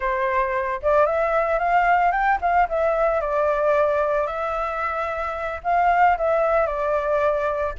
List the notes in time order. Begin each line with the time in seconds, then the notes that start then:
0.00 C5
0.82 D5
1.06 E5
1.59 F5
2.11 G5
2.41 F5
2.68 E5
3.20 D5
4.27 E5
5.63 F5
6.17 E5
6.66 D5